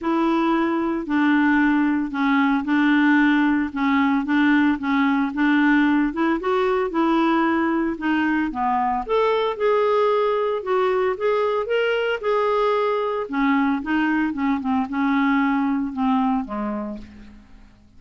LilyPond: \new Staff \with { instrumentName = "clarinet" } { \time 4/4 \tempo 4 = 113 e'2 d'2 | cis'4 d'2 cis'4 | d'4 cis'4 d'4. e'8 | fis'4 e'2 dis'4 |
b4 a'4 gis'2 | fis'4 gis'4 ais'4 gis'4~ | gis'4 cis'4 dis'4 cis'8 c'8 | cis'2 c'4 gis4 | }